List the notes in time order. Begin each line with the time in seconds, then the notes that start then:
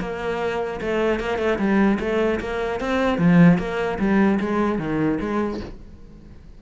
0.00 A#3
0.81 A3
1.19 A#3
1.38 A3
1.58 G3
2.00 A3
2.40 A#3
2.80 C4
3.18 F3
3.58 A#3
3.99 G3
4.40 G#3
4.78 D#3
5.20 G#3